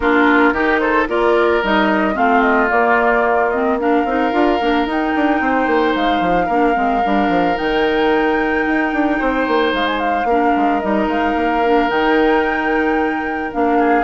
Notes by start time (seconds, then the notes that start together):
0.00 A#3 D4 F4 A#4
0.52 D#3 D#4 G4
0.79 A4 C5
1.07 A#3 F4 A#4 D5
1.63 G3 D#4 D#5
2.14 A3 C4 F4 F5
2.41 D#5
2.68 A#3 D5
3.50 C4 D#5
3.79 D4 A#4 F5
4.04 C4 D#4
4.32 D4 F4
4.60 A#3 D4
4.85 D#4 G5
5.15 D4
5.40 C4 C5
5.66 A#3
5.95 G#3 F5
6.20 F3
6.45 A#3 D4 A#4
6.74 G#3 C4
7.04 G3 D4
7.28 F3
7.55 D#3 D#4 G5
8.66 D#4
8.92 D4
9.19 C4 C5
9.47 A#3
9.73 G#3 F5
9.86 G#5
9.99 F5
10.24 A#3 D4 A#4
10.56 G#3
10.80 G3 D#4 D#5
11.07 G#3 F5
11.36 A#3
11.64 D4
11.88 D#3 D#4 G5
13.51 A#3 D4 F5
13.78 G#4